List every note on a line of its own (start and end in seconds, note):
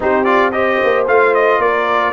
0.00 0.80 C4
0.00 0.25 D#4
0.00 0.54 G4
0.00 0.24 C5
0.24 0.52 F4
0.24 0.50 D5
0.51 1.05 G4
0.51 1.60 C5
0.51 1.05 D#5
0.83 1.07 A#3
1.07 1.58 A3
1.07 2.13 F4
1.07 1.34 F5
1.34 1.61 D#5
1.58 2.12 A#3
1.58 2.13 A#4
1.58 2.13 D5